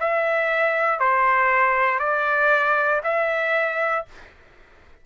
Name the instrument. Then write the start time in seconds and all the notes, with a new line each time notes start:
trumpet
0.00 E5
0.99 C5
1.99 D5
3.04 E5